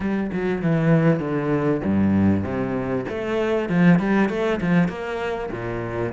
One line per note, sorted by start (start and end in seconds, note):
0.00 0.31 G3
0.32 0.62 F#3
0.62 1.19 E3
1.19 1.81 D3
1.83 2.44 G2
2.44 3.05 C3
3.08 3.69 A3
3.69 3.99 F3
3.99 4.29 G3
4.29 4.59 A3
4.61 4.88 F3
4.88 5.49 A#3
5.51 6.12 A#2